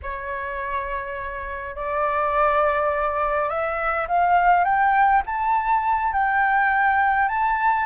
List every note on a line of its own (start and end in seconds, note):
0.02 1.75 C#5
1.75 3.49 D5
3.49 4.07 E5
4.08 4.64 F5
4.64 5.22 G5
5.26 6.12 A5
6.12 7.28 G5
7.28 7.86 A5